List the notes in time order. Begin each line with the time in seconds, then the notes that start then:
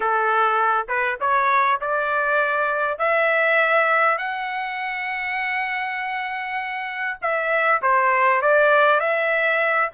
0.00 A4
0.88 B4
1.20 C#5
1.80 D5
2.98 E5
4.18 F#5
7.21 E5
7.82 C5
8.41 D5
9.00 E5